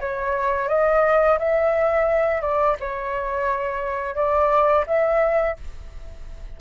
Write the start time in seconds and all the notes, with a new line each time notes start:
0.00 C#5
0.69 D#5
1.39 E5
2.42 D5
2.80 C#5
4.15 D5
4.87 E5